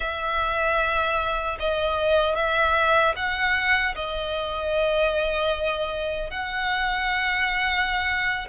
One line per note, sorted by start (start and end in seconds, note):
0.00 1.58 E5
1.59 2.35 D#5
2.35 3.14 E5
3.16 3.95 F#5
3.95 6.30 D#5
6.30 8.47 F#5